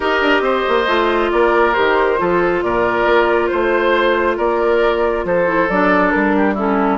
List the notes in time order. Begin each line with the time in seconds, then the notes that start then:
0.00 D#4 G4 A#4 D#5
0.21 D4
0.40 C4 C5
0.68 A#3
0.87 A3 F4
1.31 A#3 A#4 D5
1.73 D#3 G4 C5
2.17 F3 F4 A4
2.62 A#2 A#4 D5
3.05 A#3
3.47 A3 C5
4.37 A#3 A#4 D5
5.24 F3 A4 C5
5.45 E4
5.69 F#3 D4 D5
6.10 G3 A#4
6.36 G4
6.54 C#4 E4 A4